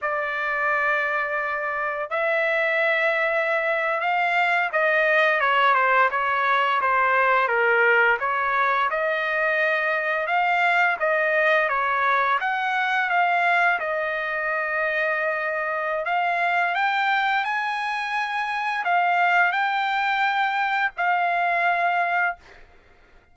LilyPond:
\new Staff \with { instrumentName = "trumpet" } { \time 4/4 \tempo 4 = 86 d''2. e''4~ | e''4.~ e''16 f''4 dis''4 cis''16~ | cis''16 c''8 cis''4 c''4 ais'4 cis''16~ | cis''8. dis''2 f''4 dis''16~ |
dis''8. cis''4 fis''4 f''4 dis''16~ | dis''2. f''4 | g''4 gis''2 f''4 | g''2 f''2 | }